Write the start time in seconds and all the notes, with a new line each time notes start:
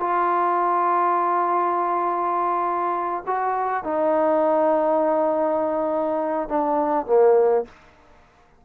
0.00 F4
3.27 F#4
3.84 D#4
6.49 D4
7.06 A#3